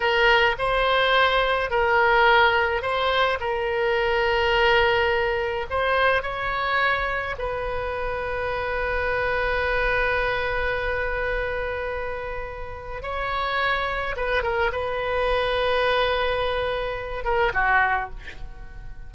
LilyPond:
\new Staff \with { instrumentName = "oboe" } { \time 4/4 \tempo 4 = 106 ais'4 c''2 ais'4~ | ais'4 c''4 ais'2~ | ais'2 c''4 cis''4~ | cis''4 b'2.~ |
b'1~ | b'2. cis''4~ | cis''4 b'8 ais'8 b'2~ | b'2~ b'8 ais'8 fis'4 | }